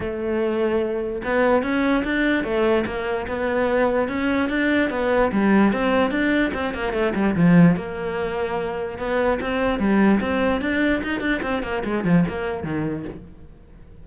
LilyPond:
\new Staff \with { instrumentName = "cello" } { \time 4/4 \tempo 4 = 147 a2. b4 | cis'4 d'4 a4 ais4 | b2 cis'4 d'4 | b4 g4 c'4 d'4 |
c'8 ais8 a8 g8 f4 ais4~ | ais2 b4 c'4 | g4 c'4 d'4 dis'8 d'8 | c'8 ais8 gis8 f8 ais4 dis4 | }